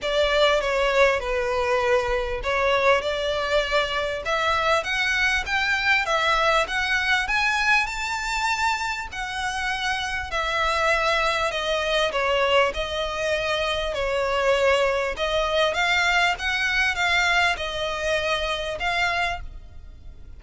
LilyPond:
\new Staff \with { instrumentName = "violin" } { \time 4/4 \tempo 4 = 99 d''4 cis''4 b'2 | cis''4 d''2 e''4 | fis''4 g''4 e''4 fis''4 | gis''4 a''2 fis''4~ |
fis''4 e''2 dis''4 | cis''4 dis''2 cis''4~ | cis''4 dis''4 f''4 fis''4 | f''4 dis''2 f''4 | }